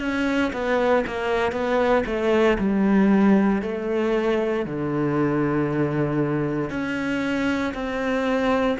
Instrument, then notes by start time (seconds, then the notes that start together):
cello
0.00 C#4
0.53 B3
1.07 A#3
1.52 B3
2.06 A3
2.59 G3
3.63 A3
4.66 D3
6.70 C#4
7.74 C4